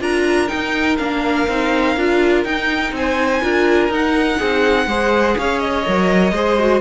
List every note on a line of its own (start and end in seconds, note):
0.00 0.49 D4
0.00 0.47 F4
0.00 2.94 A#4
0.00 0.48 A#5
0.47 0.96 D#4
0.47 0.99 D#4
0.47 0.97 G5
0.97 1.47 A#3
0.97 1.48 D4
0.97 2.43 F5
1.48 1.96 C4
1.48 1.97 D#4
1.96 2.44 D4
1.96 2.45 F4
2.44 2.92 D#4
2.44 3.41 D#4
2.44 2.92 G5
2.92 3.40 C4
2.92 3.93 G#5
2.98 3.42 C5
3.41 3.88 D4
3.41 3.90 F4
3.41 4.39 A#4
3.88 4.37 D#4
3.88 4.88 D#4
3.88 5.38 F#5
4.39 4.86 C4
4.39 4.87 G#4
4.86 5.35 G#3
4.86 5.85 G#4
4.86 5.37 C5
5.37 5.86 C#4
5.37 6.34 C#5
5.37 5.59 F5
5.59 6.81 D#5
5.85 6.32 F#3
5.85 6.34 A#4
6.32 6.80 G#3
6.32 6.59 G#4
6.32 6.81 C5
6.59 6.81 F#4